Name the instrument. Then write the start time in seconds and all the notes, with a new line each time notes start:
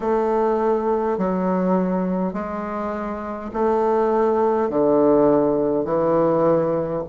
bassoon
0.00 A3
1.18 F#3
2.33 G#3
3.53 A3
4.69 D3
5.84 E3